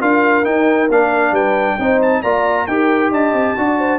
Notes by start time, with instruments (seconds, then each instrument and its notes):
0.00 tuba D4, trombone F4, horn A#4, trumpet F5
0.44 trombone D#4, tuba D#4, trumpet G5
0.90 tuba A#3, trombone D4, trumpet F5
1.32 tuba G3, horn B4, trumpet G5
1.79 tuba C4, trombone D#4, horn C5
2.02 trumpet A5
2.22 tuba A#3, trombone F4, horn D5, trumpet A#5
2.67 tuba D#4, trombone G4, horn A#4, trumpet G5
3.12 tuba D4, horn D#5, trumpet A5
3.34 tuba C4
3.57 tuba D4, trombone F#4, horn D5
3.79 horn C5